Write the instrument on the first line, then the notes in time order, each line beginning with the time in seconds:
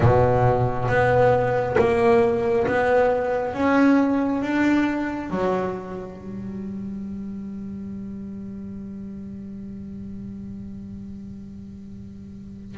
double bass
0.00 B2
0.88 B3
1.78 A#3
2.66 B3
3.53 C#4
4.42 D4
5.29 F#3
6.16 G3